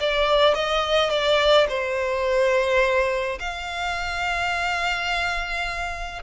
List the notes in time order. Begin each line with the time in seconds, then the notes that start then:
0.00 D5
0.55 D#5
1.10 D5
1.69 C5
3.40 F5